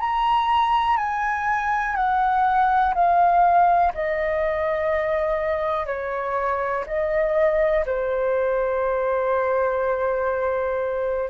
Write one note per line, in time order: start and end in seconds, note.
0.00 0.97 A#5
0.97 1.96 G#5
1.96 2.94 F#5
2.95 3.93 F5
3.95 5.87 D#5
5.87 6.85 C#5
6.87 7.86 D#5
7.86 11.30 C5